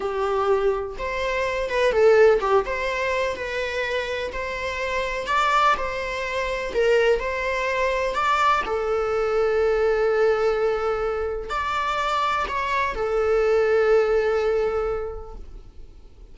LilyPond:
\new Staff \with { instrumentName = "viola" } { \time 4/4 \tempo 4 = 125 g'2 c''4. b'8 | a'4 g'8 c''4. b'4~ | b'4 c''2 d''4 | c''2 ais'4 c''4~ |
c''4 d''4 a'2~ | a'1 | d''2 cis''4 a'4~ | a'1 | }